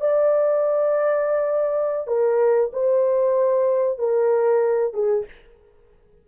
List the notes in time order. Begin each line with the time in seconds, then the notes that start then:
0.00 D5
2.07 A#4
2.72 C5
3.98 A#4
4.93 G#4